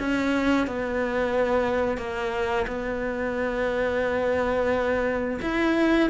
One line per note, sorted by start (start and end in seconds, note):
0.00 0.67 C#4
0.67 1.98 B3
1.98 2.66 A#3
2.67 5.40 B3
5.42 6.11 E4